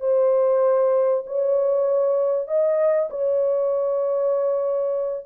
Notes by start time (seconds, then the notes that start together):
0.00 C5
1.26 C#5
2.47 D#5
3.10 C#5